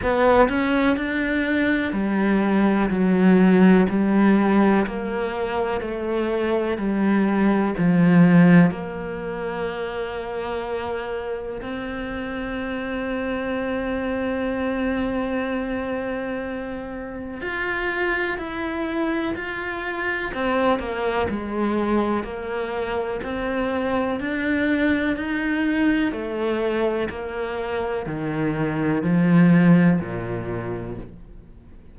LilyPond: \new Staff \with { instrumentName = "cello" } { \time 4/4 \tempo 4 = 62 b8 cis'8 d'4 g4 fis4 | g4 ais4 a4 g4 | f4 ais2. | c'1~ |
c'2 f'4 e'4 | f'4 c'8 ais8 gis4 ais4 | c'4 d'4 dis'4 a4 | ais4 dis4 f4 ais,4 | }